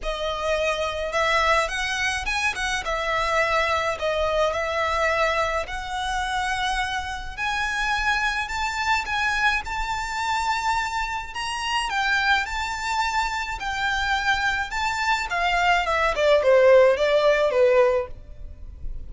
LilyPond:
\new Staff \with { instrumentName = "violin" } { \time 4/4 \tempo 4 = 106 dis''2 e''4 fis''4 | gis''8 fis''8 e''2 dis''4 | e''2 fis''2~ | fis''4 gis''2 a''4 |
gis''4 a''2. | ais''4 g''4 a''2 | g''2 a''4 f''4 | e''8 d''8 c''4 d''4 b'4 | }